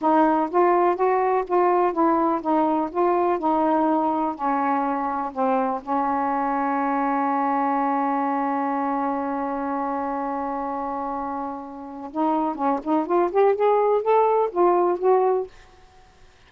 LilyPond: \new Staff \with { instrumentName = "saxophone" } { \time 4/4 \tempo 4 = 124 dis'4 f'4 fis'4 f'4 | e'4 dis'4 f'4 dis'4~ | dis'4 cis'2 c'4 | cis'1~ |
cis'1~ | cis'1~ | cis'4 dis'4 cis'8 dis'8 f'8 g'8 | gis'4 a'4 f'4 fis'4 | }